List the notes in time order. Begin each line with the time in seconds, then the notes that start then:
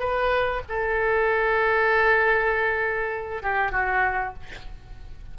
0.00 B4
0.69 A4
3.43 G4
3.72 F#4